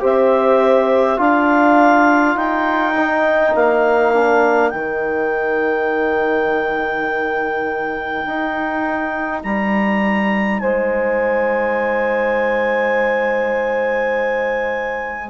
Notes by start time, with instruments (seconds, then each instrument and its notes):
0.00 bassoon C4, trombone G4, horn C5, clarinet E5
1.17 bassoon D4, trombone F4, horn A#4, clarinet F5
2.36 bassoon D#4, clarinet G5
2.97 trombone D#4
3.55 bassoon A#3, clarinet F5
4.14 trombone D4
4.70 bassoon D#3, trombone D#4, clarinet G5
8.25 bassoon D#4
9.43 bassoon G3, clarinet A#5
10.59 bassoon G#3, horn C5, clarinet G#5